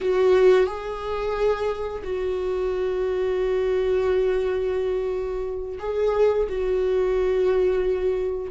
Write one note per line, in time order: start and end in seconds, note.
0.00 0.66 F#4
0.66 2.03 G#4
2.03 5.78 F#4
5.79 6.47 G#4
6.48 8.50 F#4